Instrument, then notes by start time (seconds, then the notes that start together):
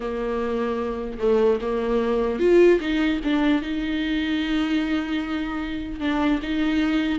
viola
0.00 A#3
1.19 A3
1.61 A#3
2.39 F4
2.80 D#4
3.24 D4
3.62 D#4
5.99 D4
6.42 D#4